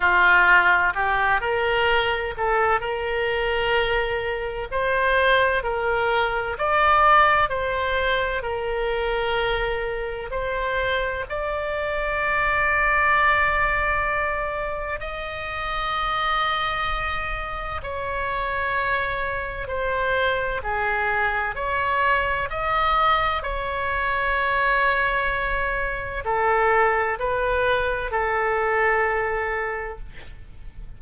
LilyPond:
\new Staff \with { instrumentName = "oboe" } { \time 4/4 \tempo 4 = 64 f'4 g'8 ais'4 a'8 ais'4~ | ais'4 c''4 ais'4 d''4 | c''4 ais'2 c''4 | d''1 |
dis''2. cis''4~ | cis''4 c''4 gis'4 cis''4 | dis''4 cis''2. | a'4 b'4 a'2 | }